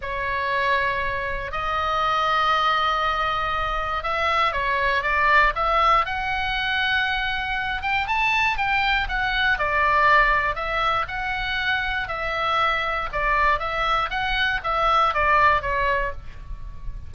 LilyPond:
\new Staff \with { instrumentName = "oboe" } { \time 4/4 \tempo 4 = 119 cis''2. dis''4~ | dis''1 | e''4 cis''4 d''4 e''4 | fis''2.~ fis''8 g''8 |
a''4 g''4 fis''4 d''4~ | d''4 e''4 fis''2 | e''2 d''4 e''4 | fis''4 e''4 d''4 cis''4 | }